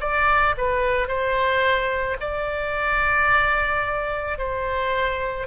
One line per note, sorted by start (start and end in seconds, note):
0.00 0.55 D5
0.57 1.08 B4
1.08 2.17 C5
2.20 4.38 D5
4.38 5.47 C5